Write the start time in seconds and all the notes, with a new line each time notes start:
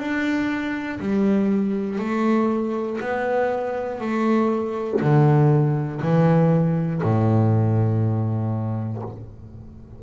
0.00 D4
1.00 G3
1.99 A3
3.01 B3
4.01 A3
5.01 D3
6.02 E3
7.03 A2